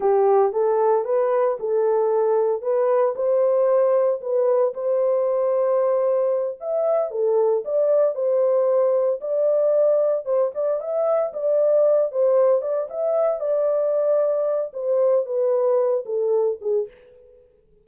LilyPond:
\new Staff \with { instrumentName = "horn" } { \time 4/4 \tempo 4 = 114 g'4 a'4 b'4 a'4~ | a'4 b'4 c''2 | b'4 c''2.~ | c''8 e''4 a'4 d''4 c''8~ |
c''4. d''2 c''8 | d''8 e''4 d''4. c''4 | d''8 e''4 d''2~ d''8 | c''4 b'4. a'4 gis'8 | }